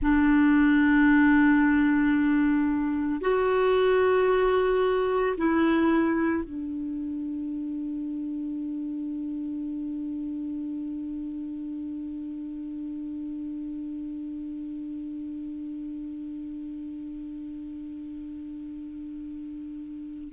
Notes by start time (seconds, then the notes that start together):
0.01 D4
3.21 F#4
5.37 E4
6.43 D4